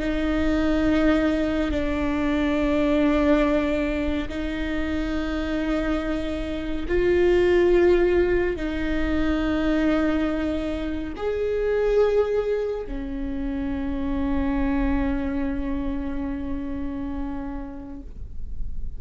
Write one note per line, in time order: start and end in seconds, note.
0.00 1.71 D#4
1.71 4.29 D4
4.29 6.86 D#4
6.88 8.57 F4
8.57 11.14 D#4
11.17 12.87 G#4
12.87 18.01 C#4